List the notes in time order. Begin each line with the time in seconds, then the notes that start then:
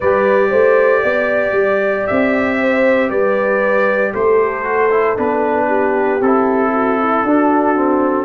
0.00 G3 G4 B4 D5
0.49 A3 C5
1.03 B3 D5
1.52 G3
2.06 C4 E5
2.60 C5
3.09 G3 B4 D5
4.13 A3 A4 C5
4.64 F#4
4.91 E4
5.16 B3 D4 B4
5.67 G4
6.20 C4 E4 A4
6.73 F#4
6.99 E4
7.23 D4 F#4
7.76 C4